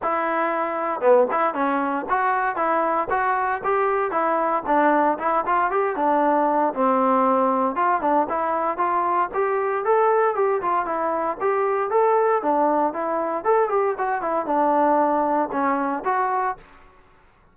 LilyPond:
\new Staff \with { instrumentName = "trombone" } { \time 4/4 \tempo 4 = 116 e'2 b8 e'8 cis'4 | fis'4 e'4 fis'4 g'4 | e'4 d'4 e'8 f'8 g'8 d'8~ | d'4 c'2 f'8 d'8 |
e'4 f'4 g'4 a'4 | g'8 f'8 e'4 g'4 a'4 | d'4 e'4 a'8 g'8 fis'8 e'8 | d'2 cis'4 fis'4 | }